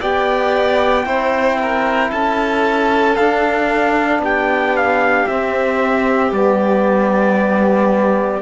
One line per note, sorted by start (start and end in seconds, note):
0.00 1.05 B3
0.00 1.05 G4
0.00 1.05 D5
0.00 2.12 G5
1.05 2.11 C4
1.05 3.15 E4
1.05 1.58 C5
1.62 2.11 A#4
2.11 3.18 C#4
2.11 4.21 A4
2.11 3.16 A5
3.16 4.19 D4
3.16 5.29 D4
3.16 4.21 F5
4.19 5.24 B3
4.19 8.41 G4
4.19 4.77 G5
4.77 5.27 F5
5.27 6.31 C4
5.27 6.32 C4
5.27 6.33 E5
6.31 8.41 G3
6.31 8.41 B3
6.31 8.41 D5